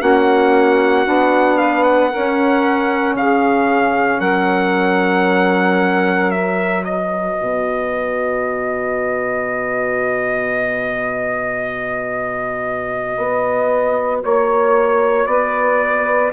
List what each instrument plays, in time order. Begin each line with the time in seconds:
0.00 bassoon A#3, saxophone C#4 F#4, trumpet F#5
1.05 bassoon B3, saxophone D4
1.58 saxophone B4, trumpet F5
1.83 trumpet F#5
2.11 saxophone C#4 A#4, bassoon C#4
3.15 bassoon C#3, saxophone G#4, trumpet F5
4.20 bassoon F#3, saxophone A#4, trumpet F#5
6.31 saxophone F#4, trumpet E5
6.83 saxophone B4, trumpet D#5
7.41 bassoon B2
13.17 bassoon B3
14.24 bassoon A#3, trumpet C#5, saxophone C#5
15.26 bassoon B3, saxophone B4, trumpet D5